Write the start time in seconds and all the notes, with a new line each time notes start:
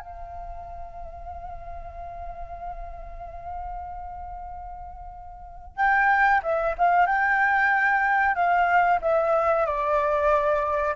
0.00 F5
5.77 G5
6.43 E5
6.78 F5
7.07 G5
8.35 F5
9.02 E5
9.67 D5